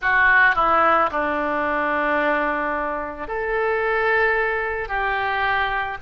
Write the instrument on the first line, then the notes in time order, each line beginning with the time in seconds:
oboe
0.01 F#4
0.55 E4
1.11 D4
3.27 A4
4.88 G4